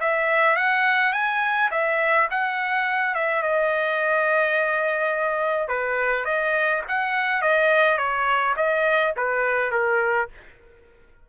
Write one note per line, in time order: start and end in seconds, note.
0.00 0.56 E5
0.56 1.12 F#5
1.12 1.70 G#5
1.71 2.28 E5
2.30 3.15 F#5
3.15 3.42 E5
3.42 5.68 D#5
5.68 6.25 B4
6.25 6.82 D#5
6.88 7.42 F#5
7.42 7.97 D#5
7.97 8.55 C#5
8.56 9.14 D#5
9.16 9.71 B4
9.71 10.28 A#4